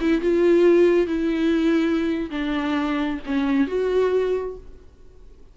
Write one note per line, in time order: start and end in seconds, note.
0.00 0.21 E4
0.21 1.06 F4
1.06 2.30 E4
2.30 3.20 D4
3.26 3.67 C#4
3.67 4.56 F#4